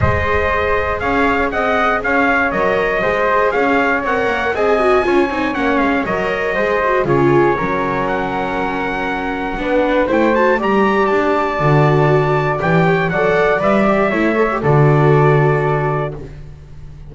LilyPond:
<<
  \new Staff \with { instrumentName = "trumpet" } { \time 4/4 \tempo 4 = 119 dis''2 f''4 fis''4 | f''4 dis''2 f''4 | fis''4 gis''2 fis''8 f''8 | dis''2 cis''2 |
fis''1 | g''8 a''8 ais''4 a''2~ | a''4 g''4 fis''4 e''4~ | e''4 d''2. | }
  \new Staff \with { instrumentName = "flute" } { \time 4/4 c''2 cis''4 dis''4 | cis''2 c''4 cis''4~ | cis''4 dis''4 cis''2~ | cis''4 c''4 gis'4 ais'4~ |
ais'2. b'4 | c''4 d''2.~ | d''4. cis''8 d''2 | cis''4 a'2. | }
  \new Staff \with { instrumentName = "viola" } { \time 4/4 gis'1~ | gis'4 ais'4 gis'2 | ais'4 gis'8 fis'8 f'8 dis'8 cis'4 | ais'4 gis'8 fis'8 f'4 cis'4~ |
cis'2. d'4 | e'8 fis'8 g'2 fis'4~ | fis'4 g'4 a'4 b'8 g'8 | e'8 a'16 g'16 fis'2. | }
  \new Staff \with { instrumentName = "double bass" } { \time 4/4 gis2 cis'4 c'4 | cis'4 fis4 gis4 cis'4 | c'8 ais8 c'4 cis'8 c'8 ais8 gis8 | fis4 gis4 cis4 fis4~ |
fis2. b4 | a4 g4 d'4 d4~ | d4 e4 fis4 g4 | a4 d2. | }
>>